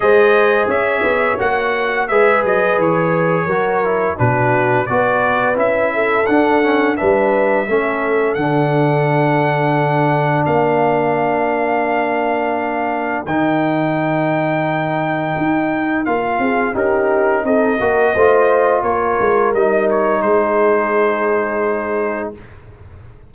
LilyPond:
<<
  \new Staff \with { instrumentName = "trumpet" } { \time 4/4 \tempo 4 = 86 dis''4 e''4 fis''4 e''8 dis''8 | cis''2 b'4 d''4 | e''4 fis''4 e''2 | fis''2. f''4~ |
f''2. g''4~ | g''2. f''4 | ais'4 dis''2 cis''4 | dis''8 cis''8 c''2. | }
  \new Staff \with { instrumentName = "horn" } { \time 4/4 c''4 cis''2 b'4~ | b'4 ais'4 fis'4 b'4~ | b'8 a'4. b'4 a'4~ | a'2. ais'4~ |
ais'1~ | ais'2.~ ais'8 gis'8 | g'4 a'8 ais'8 c''4 ais'4~ | ais'4 gis'2. | }
  \new Staff \with { instrumentName = "trombone" } { \time 4/4 gis'2 fis'4 gis'4~ | gis'4 fis'8 e'8 d'4 fis'4 | e'4 d'8 cis'8 d'4 cis'4 | d'1~ |
d'2. dis'4~ | dis'2. f'4 | dis'4. fis'8 f'2 | dis'1 | }
  \new Staff \with { instrumentName = "tuba" } { \time 4/4 gis4 cis'8 b8 ais4 gis8 fis8 | e4 fis4 b,4 b4 | cis'4 d'4 g4 a4 | d2. ais4~ |
ais2. dis4~ | dis2 dis'4 ais8 c'8 | cis'4 c'8 ais8 a4 ais8 gis8 | g4 gis2. | }
>>